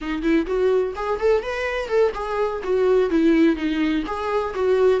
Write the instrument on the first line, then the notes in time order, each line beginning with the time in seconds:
viola
0.01 D#4
0.22 E4
0.46 F#4
0.95 G#4
1.19 A4
1.42 B4
1.88 A4
2.14 G#4
2.63 F#4
3.10 E4
3.56 D#4
4.06 G#4
4.54 F#4